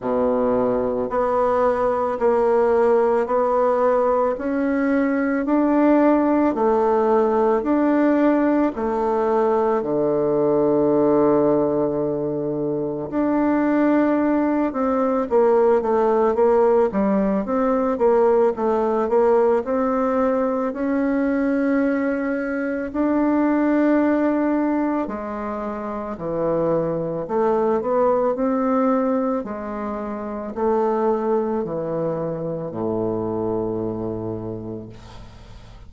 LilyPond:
\new Staff \with { instrumentName = "bassoon" } { \time 4/4 \tempo 4 = 55 b,4 b4 ais4 b4 | cis'4 d'4 a4 d'4 | a4 d2. | d'4. c'8 ais8 a8 ais8 g8 |
c'8 ais8 a8 ais8 c'4 cis'4~ | cis'4 d'2 gis4 | e4 a8 b8 c'4 gis4 | a4 e4 a,2 | }